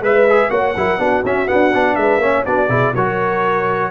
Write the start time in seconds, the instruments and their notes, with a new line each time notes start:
0.00 tuba G#3, trombone B4, horn B4, trumpet E5
0.29 trombone G#4
0.50 tuba A#3, trombone F#4, horn C#5, trumpet F#5
0.75 tuba F#3, trombone E4, horn A#4
0.98 tuba B3, trombone D4, horn F#4
1.24 tuba C#4, trombone C#4, trumpet E5
1.46 trombone B3, tuba D4, trumpet F#5
1.74 tuba B3, trombone D4
1.95 tuba G#3, horn B4, trumpet E5
2.18 tuba A#3, trombone C#4, horn C#5
2.45 tuba B3, trombone D4, horn F#4, trumpet D5
2.68 tuba B2, trombone E4, horn G#4
2.95 tuba F#3, trombone F#4, horn A#4, trumpet C#5